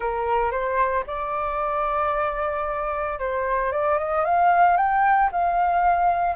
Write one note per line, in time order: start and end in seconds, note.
0.00 0.51 A#4
0.51 1.04 C5
1.06 3.19 D5
3.19 3.72 C5
3.72 3.98 D5
3.98 4.24 D#5
4.24 4.76 F5
4.76 5.30 G5
5.32 6.35 F5